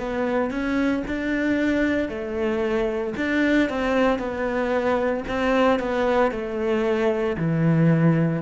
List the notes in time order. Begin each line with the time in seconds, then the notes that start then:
0.00 B3
0.51 C#4
1.08 D4
2.09 A3
3.17 D4
3.69 C4
4.19 B3
5.28 C4
5.80 B3
6.32 A3
7.38 E3